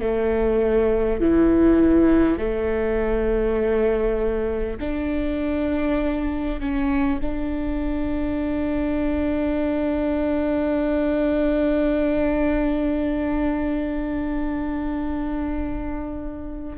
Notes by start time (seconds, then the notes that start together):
0.00 A3
1.20 E3
2.38 A3
4.79 D4
6.59 C#4
7.21 D4